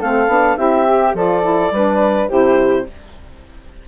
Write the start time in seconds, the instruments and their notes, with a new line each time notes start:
0.00 bassoon A3, saxophone C4, flute A4, clarinet F5
0.27 bassoon B3, saxophone D4
0.57 bassoon C4, saxophone E4, flute G4, clarinet E5
0.87 saxophone G4
1.15 bassoon F3, saxophone F4, flute A4, clarinet D5
1.42 saxophone E4
1.72 bassoon G3, saxophone D4, flute B4
2.29 bassoon C3, saxophone E4, flute G4, clarinet C5